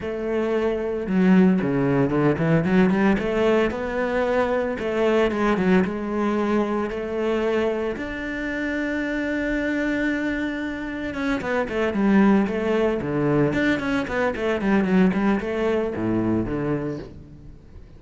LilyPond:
\new Staff \with { instrumentName = "cello" } { \time 4/4 \tempo 4 = 113 a2 fis4 cis4 | d8 e8 fis8 g8 a4 b4~ | b4 a4 gis8 fis8 gis4~ | gis4 a2 d'4~ |
d'1~ | d'4 cis'8 b8 a8 g4 a8~ | a8 d4 d'8 cis'8 b8 a8 g8 | fis8 g8 a4 a,4 d4 | }